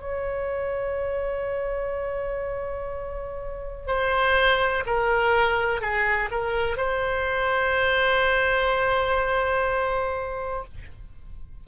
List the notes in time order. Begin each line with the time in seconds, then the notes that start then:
0.00 C#5
3.87 C5
4.86 A#4
5.81 G#4
6.30 A#4
6.77 C5